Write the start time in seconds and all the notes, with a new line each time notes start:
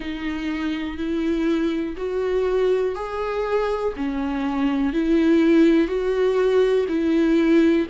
0.00 D#4
0.97 E4
1.96 F#4
2.95 G#4
3.96 C#4
4.93 E4
5.87 F#4
6.88 E4